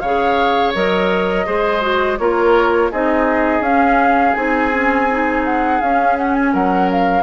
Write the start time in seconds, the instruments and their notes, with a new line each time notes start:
0.00 bassoon C#3, clarinet G#4, oboe C#5, flute F5
0.75 bassoon F#3, clarinet A#4, flute D#5
1.46 bassoon G#3, clarinet G#4, oboe C5
1.81 clarinet F#4
2.18 bassoon A#3, clarinet F4, oboe A#4, flute C#5
2.91 bassoon C4, clarinet D#4, oboe G#4, flute D#5
3.61 bassoon C#4, clarinet C#4, flute F5
4.34 bassoon C4, clarinet D#4, flute G#5
4.72 clarinet C#4
5.11 clarinet D#4
5.45 flute F#5
5.81 bassoon C#4, clarinet C#4, flute F5
6.17 flute F#5
6.34 flute G#5
6.53 bassoon F#3, oboe A#4, flute F#5
6.91 flute F5